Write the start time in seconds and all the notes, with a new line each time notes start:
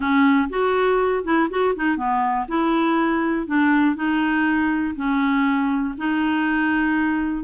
0.00 C#4
0.49 F#4
1.24 E4
1.50 F#4
1.75 D#4
1.97 B3
2.48 E4
3.47 D4
3.95 D#4
4.95 C#4
5.97 D#4